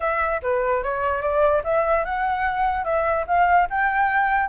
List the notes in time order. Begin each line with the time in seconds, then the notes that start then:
0.00 E5
0.42 B4
0.83 C#5
1.21 D5
1.63 E5
2.04 F#5
2.84 E5
3.27 F5
3.69 G5